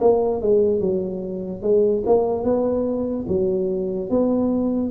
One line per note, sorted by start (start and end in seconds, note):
0.00 0.41 A#3
0.41 0.80 G#3
0.80 1.62 F#3
1.62 2.03 G#3
2.06 2.43 A#3
2.43 3.25 B3
3.27 4.09 F#3
4.09 4.91 B3